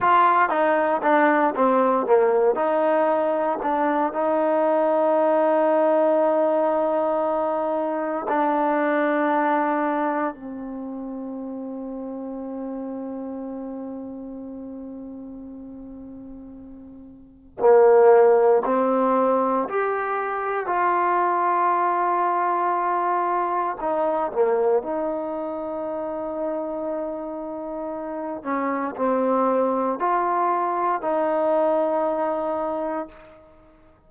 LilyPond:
\new Staff \with { instrumentName = "trombone" } { \time 4/4 \tempo 4 = 58 f'8 dis'8 d'8 c'8 ais8 dis'4 d'8 | dis'1 | d'2 c'2~ | c'1~ |
c'4 ais4 c'4 g'4 | f'2. dis'8 ais8 | dis'2.~ dis'8 cis'8 | c'4 f'4 dis'2 | }